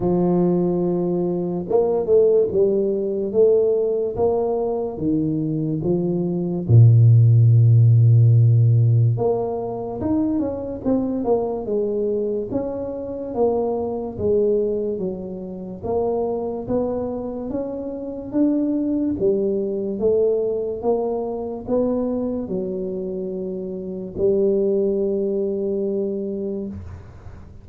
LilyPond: \new Staff \with { instrumentName = "tuba" } { \time 4/4 \tempo 4 = 72 f2 ais8 a8 g4 | a4 ais4 dis4 f4 | ais,2. ais4 | dis'8 cis'8 c'8 ais8 gis4 cis'4 |
ais4 gis4 fis4 ais4 | b4 cis'4 d'4 g4 | a4 ais4 b4 fis4~ | fis4 g2. | }